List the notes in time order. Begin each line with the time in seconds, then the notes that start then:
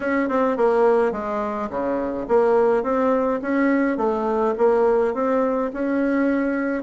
0.00 C#4
0.29 C4
0.56 A#3
1.11 G#3
1.69 C#3
2.28 A#3
2.83 C4
3.42 C#4
3.97 A3
4.57 A#3
5.14 C4
5.73 C#4